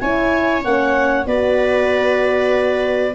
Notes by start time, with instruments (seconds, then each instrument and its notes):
0.00 tuba C#4, horn E4, viola C#5, clarinet G#5
0.62 tuba A#3, horn C#4, clarinet F#5
1.26 tuba B3, horn F#4, viola B4, clarinet D5